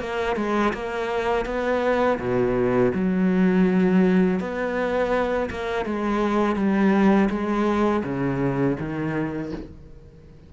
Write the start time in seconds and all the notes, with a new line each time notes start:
0.00 A#3
0.37 G#3
0.74 A#3
1.46 B3
2.20 B2
2.95 F#3
4.40 B3
5.50 A#3
5.86 G#3
6.56 G3
7.30 G#3
8.04 C#3
8.80 D#3